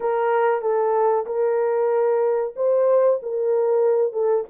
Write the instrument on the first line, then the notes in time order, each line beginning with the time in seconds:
horn
0.00 A#4
0.61 A4
1.26 A#4
2.56 C5
3.22 A#4
4.12 A4